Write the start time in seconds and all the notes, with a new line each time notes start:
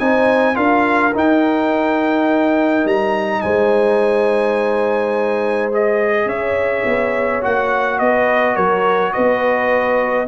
0.00 C4 D#4 C5 G#5
0.55 D4 F4 A#4 F5
1.15 D#4 G5
2.85 G3 A#5
3.42 G#3 C5 G#5
5.72 G#4 D#5
6.26 C#4 C#5 E5
6.86 B3
7.42 A#3 F#4 F#5
7.99 B3 B4 D#5
8.55 F#3 A#4 C#5
9.13 B3 B4 D#5